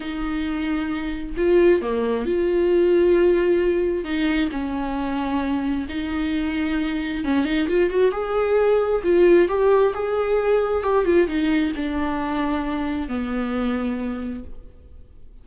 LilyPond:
\new Staff \with { instrumentName = "viola" } { \time 4/4 \tempo 4 = 133 dis'2. f'4 | ais4 f'2.~ | f'4 dis'4 cis'2~ | cis'4 dis'2. |
cis'8 dis'8 f'8 fis'8 gis'2 | f'4 g'4 gis'2 | g'8 f'8 dis'4 d'2~ | d'4 b2. | }